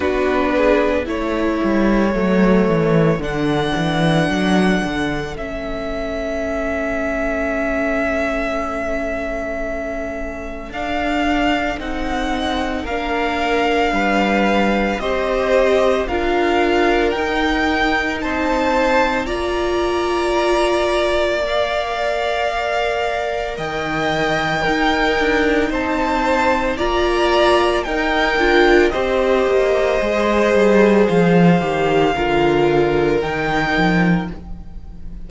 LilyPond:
<<
  \new Staff \with { instrumentName = "violin" } { \time 4/4 \tempo 4 = 56 b'4 cis''2 fis''4~ | fis''4 e''2.~ | e''2 f''4 fis''4 | f''2 dis''4 f''4 |
g''4 a''4 ais''2 | f''2 g''2 | a''4 ais''4 g''4 dis''4~ | dis''4 f''2 g''4 | }
  \new Staff \with { instrumentName = "violin" } { \time 4/4 fis'8 gis'8 a'2.~ | a'1~ | a'1 | ais'4 b'4 c''4 ais'4~ |
ais'4 c''4 d''2~ | d''2 dis''4 ais'4 | c''4 d''4 ais'4 c''4~ | c''2 ais'2 | }
  \new Staff \with { instrumentName = "viola" } { \time 4/4 d'4 e'4 a4 d'4~ | d'4 cis'2.~ | cis'2 d'4 dis'4 | d'2 g'4 f'4 |
dis'2 f'2 | ais'2. dis'4~ | dis'4 f'4 dis'8 f'8 g'4 | gis'4. g'8 f'4 dis'4 | }
  \new Staff \with { instrumentName = "cello" } { \time 4/4 b4 a8 g8 fis8 e8 d8 e8 | fis8 d8 a2.~ | a2 d'4 c'4 | ais4 g4 c'4 d'4 |
dis'4 c'4 ais2~ | ais2 dis4 dis'8 d'8 | c'4 ais4 dis'8 d'8 c'8 ais8 | gis8 g8 f8 dis8 d4 dis8 f8 | }
>>